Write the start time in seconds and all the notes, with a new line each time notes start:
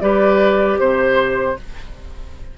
0.00 G3 G4 B4 D5
0.78 C3 C5